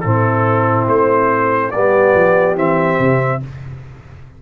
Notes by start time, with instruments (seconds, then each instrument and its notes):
0.00 tuba A2, trombone C4, horn E4, trumpet A4
0.87 tuba A3, trumpet C5
1.71 tuba G3, trombone B3, horn G4, trumpet D5
2.14 tuba F3
2.55 tuba E3, trombone C4, trumpet E5
2.99 tuba C3